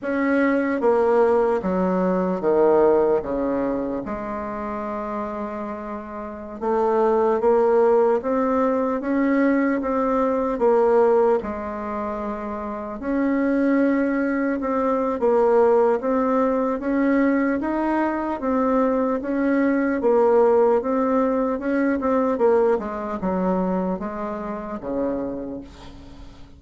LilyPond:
\new Staff \with { instrumentName = "bassoon" } { \time 4/4 \tempo 4 = 75 cis'4 ais4 fis4 dis4 | cis4 gis2.~ | gis16 a4 ais4 c'4 cis'8.~ | cis'16 c'4 ais4 gis4.~ gis16~ |
gis16 cis'2 c'8. ais4 | c'4 cis'4 dis'4 c'4 | cis'4 ais4 c'4 cis'8 c'8 | ais8 gis8 fis4 gis4 cis4 | }